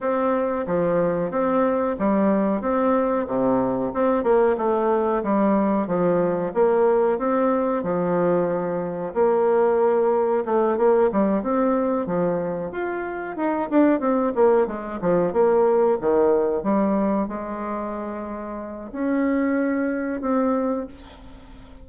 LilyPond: \new Staff \with { instrumentName = "bassoon" } { \time 4/4 \tempo 4 = 92 c'4 f4 c'4 g4 | c'4 c4 c'8 ais8 a4 | g4 f4 ais4 c'4 | f2 ais2 |
a8 ais8 g8 c'4 f4 f'8~ | f'8 dis'8 d'8 c'8 ais8 gis8 f8 ais8~ | ais8 dis4 g4 gis4.~ | gis4 cis'2 c'4 | }